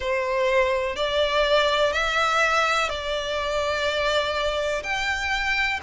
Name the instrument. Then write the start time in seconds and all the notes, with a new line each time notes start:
violin
0.00 C5
0.96 D5
1.93 E5
2.89 D5
4.83 G5